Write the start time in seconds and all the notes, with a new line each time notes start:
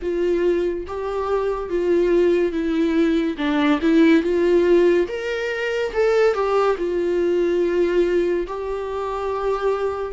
0.02 F4
0.86 G4
1.69 F4
2.51 E4
3.37 D4
3.81 E4
4.23 F4
5.07 A#4
5.93 A4
6.33 G4
6.77 F4
8.47 G4